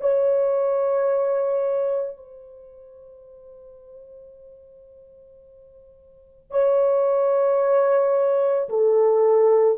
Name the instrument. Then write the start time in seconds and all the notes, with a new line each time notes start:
horn
0.00 C#5
2.16 C5
6.51 C#5
8.69 A4